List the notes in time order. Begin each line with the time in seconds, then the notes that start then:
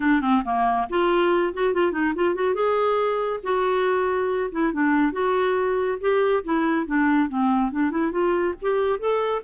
0.00 D4
0.21 C4
0.44 A#3
0.89 F4
1.53 F#4
1.73 F4
1.92 D#4
2.15 F4
2.34 F#4
2.54 G#4
3.43 F#4
4.51 E4
4.73 D4
5.12 F#4
6.00 G4
6.43 E4
6.86 D4
7.29 C4
7.71 D4
7.91 E4
8.11 F4
8.61 G4
8.99 A4